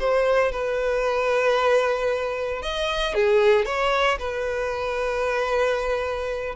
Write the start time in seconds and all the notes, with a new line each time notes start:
0.00 C5
0.52 B4
2.62 D#5
3.15 G#4
3.66 C#5
4.19 B4